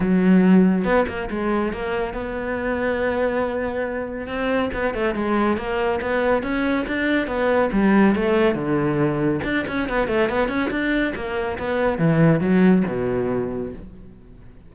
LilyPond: \new Staff \with { instrumentName = "cello" } { \time 4/4 \tempo 4 = 140 fis2 b8 ais8 gis4 | ais4 b2.~ | b2 c'4 b8 a8 | gis4 ais4 b4 cis'4 |
d'4 b4 g4 a4 | d2 d'8 cis'8 b8 a8 | b8 cis'8 d'4 ais4 b4 | e4 fis4 b,2 | }